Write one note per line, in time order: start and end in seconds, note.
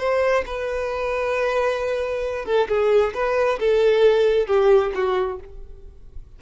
0.00 0.45 C5
0.47 2.46 B4
2.46 2.68 A4
2.69 3.14 G#4
3.15 3.59 B4
3.60 4.47 A4
4.47 4.92 G4
4.95 5.40 F#4